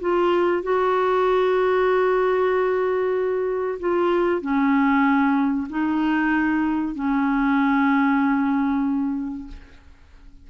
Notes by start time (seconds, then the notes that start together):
0.00 F4
0.63 F#4
3.79 F4
4.41 C#4
5.69 D#4
6.94 C#4